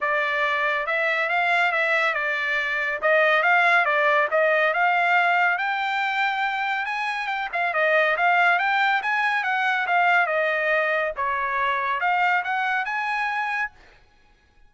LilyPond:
\new Staff \with { instrumentName = "trumpet" } { \time 4/4 \tempo 4 = 140 d''2 e''4 f''4 | e''4 d''2 dis''4 | f''4 d''4 dis''4 f''4~ | f''4 g''2. |
gis''4 g''8 f''8 dis''4 f''4 | g''4 gis''4 fis''4 f''4 | dis''2 cis''2 | f''4 fis''4 gis''2 | }